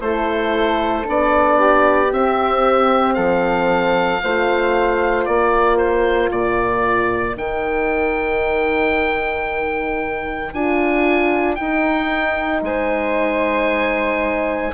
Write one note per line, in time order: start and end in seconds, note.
0.00 1.05 A3
0.00 1.04 E4
0.00 1.58 A4
0.00 1.06 C5
1.04 2.12 B3
1.04 2.09 D4
1.04 2.13 D5
1.58 3.15 G4
2.11 4.22 C4
2.11 3.17 C4
2.11 3.14 E5
3.14 4.22 F3
3.14 4.21 A4
3.14 5.24 F5
4.23 5.27 A3
4.23 7.40 F4
4.23 5.28 C5
5.25 6.31 A#3
5.25 12.65 A#4
5.25 5.77 D5
5.77 6.30 C5
6.31 7.36 A#2
6.31 7.36 D5
7.36 10.52 D#3
7.36 10.54 D#4
7.36 10.54 G5
10.53 11.59 D4
10.53 11.57 F4
10.53 11.55 G#5
11.55 14.73 D#4
11.55 12.62 D#4
11.55 12.60 G5
12.62 14.72 G#3
12.62 14.74 C5
12.62 14.74 G#5